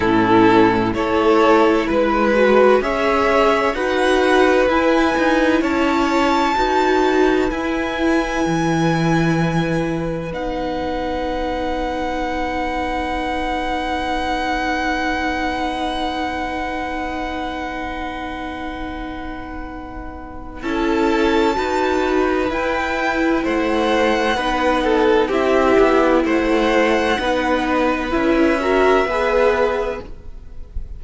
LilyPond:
<<
  \new Staff \with { instrumentName = "violin" } { \time 4/4 \tempo 4 = 64 a'4 cis''4 b'4 e''4 | fis''4 gis''4 a''2 | gis''2. fis''4~ | fis''1~ |
fis''1~ | fis''2 a''2 | g''4 fis''2 e''4 | fis''2 e''2 | }
  \new Staff \with { instrumentName = "violin" } { \time 4/4 e'4 a'4 b'4 cis''4 | b'2 cis''4 b'4~ | b'1~ | b'1~ |
b'1~ | b'2 a'4 b'4~ | b'4 c''4 b'8 a'8 g'4 | c''4 b'4. ais'8 b'4 | }
  \new Staff \with { instrumentName = "viola" } { \time 4/4 cis'4 e'4. fis'8 gis'4 | fis'4 e'2 fis'4 | e'2. dis'4~ | dis'1~ |
dis'1~ | dis'2 e'4 fis'4 | e'2 dis'4 e'4~ | e'4 dis'4 e'8 fis'8 gis'4 | }
  \new Staff \with { instrumentName = "cello" } { \time 4/4 a,4 a4 gis4 cis'4 | dis'4 e'8 dis'8 cis'4 dis'4 | e'4 e2 b4~ | b1~ |
b1~ | b2 cis'4 dis'4 | e'4 a4 b4 c'8 b8 | a4 b4 cis'4 b4 | }
>>